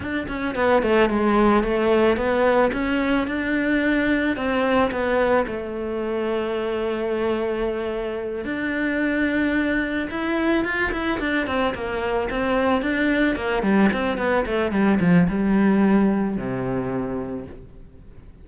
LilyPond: \new Staff \with { instrumentName = "cello" } { \time 4/4 \tempo 4 = 110 d'8 cis'8 b8 a8 gis4 a4 | b4 cis'4 d'2 | c'4 b4 a2~ | a2.~ a8 d'8~ |
d'2~ d'8 e'4 f'8 | e'8 d'8 c'8 ais4 c'4 d'8~ | d'8 ais8 g8 c'8 b8 a8 g8 f8 | g2 c2 | }